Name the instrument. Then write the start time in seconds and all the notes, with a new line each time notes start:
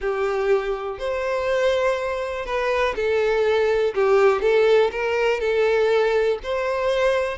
violin
0.00 G4
0.98 C5
2.45 B4
2.95 A4
3.94 G4
4.41 A4
4.91 A#4
5.40 A4
6.43 C5